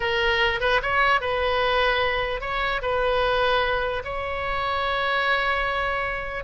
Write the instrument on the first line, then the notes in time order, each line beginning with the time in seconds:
oboe
0.00 A#4
0.60 B4
0.82 C#5
1.20 B4
2.41 C#5
2.82 B4
4.04 C#5